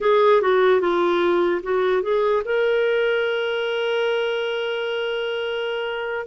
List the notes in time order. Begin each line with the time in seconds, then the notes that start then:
0.00 G#4
0.41 F#4
0.80 F4
1.63 F#4
2.02 G#4
2.45 A#4